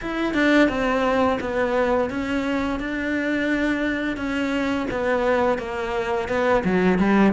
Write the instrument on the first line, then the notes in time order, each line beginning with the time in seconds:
cello
0.01 E4
0.34 D4
0.68 C4
1.40 B3
2.09 C#4
2.79 D4
4.16 C#4
4.90 B3
5.58 A#3
6.28 B3
6.64 F#3
6.98 G3